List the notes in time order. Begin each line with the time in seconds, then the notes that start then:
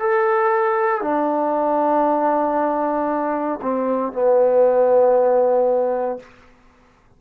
0.00 A4
1.02 D4
3.62 C4
4.13 B3